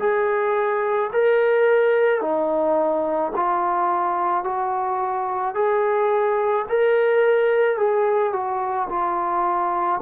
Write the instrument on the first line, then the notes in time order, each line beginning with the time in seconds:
trombone
0.00 G#4
1.13 A#4
2.21 D#4
3.36 F4
4.44 F#4
5.55 G#4
6.69 A#4
7.78 G#4
8.33 F#4
8.90 F4